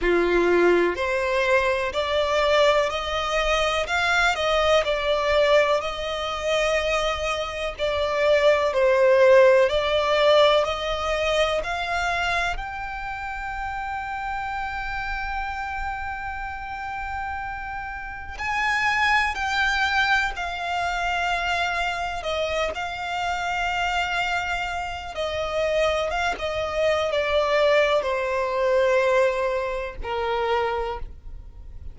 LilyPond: \new Staff \with { instrumentName = "violin" } { \time 4/4 \tempo 4 = 62 f'4 c''4 d''4 dis''4 | f''8 dis''8 d''4 dis''2 | d''4 c''4 d''4 dis''4 | f''4 g''2.~ |
g''2. gis''4 | g''4 f''2 dis''8 f''8~ | f''2 dis''4 f''16 dis''8. | d''4 c''2 ais'4 | }